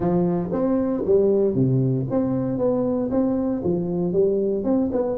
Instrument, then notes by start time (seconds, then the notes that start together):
tuba
0.00 F3
0.51 C4
1.05 G3
1.54 C3
2.10 C4
2.58 B3
3.10 C4
3.63 F3
4.12 G3
4.64 C4
4.92 B3